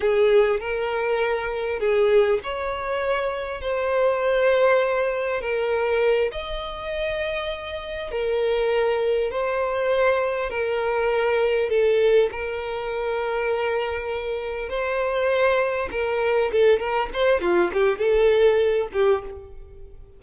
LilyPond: \new Staff \with { instrumentName = "violin" } { \time 4/4 \tempo 4 = 100 gis'4 ais'2 gis'4 | cis''2 c''2~ | c''4 ais'4. dis''4.~ | dis''4. ais'2 c''8~ |
c''4. ais'2 a'8~ | a'8 ais'2.~ ais'8~ | ais'8 c''2 ais'4 a'8 | ais'8 c''8 f'8 g'8 a'4. g'8 | }